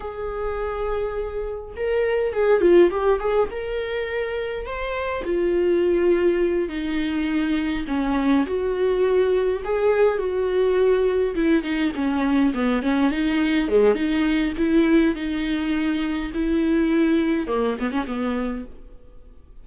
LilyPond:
\new Staff \with { instrumentName = "viola" } { \time 4/4 \tempo 4 = 103 gis'2. ais'4 | gis'8 f'8 g'8 gis'8 ais'2 | c''4 f'2~ f'8 dis'8~ | dis'4. cis'4 fis'4.~ |
fis'8 gis'4 fis'2 e'8 | dis'8 cis'4 b8 cis'8 dis'4 gis8 | dis'4 e'4 dis'2 | e'2 ais8 b16 cis'16 b4 | }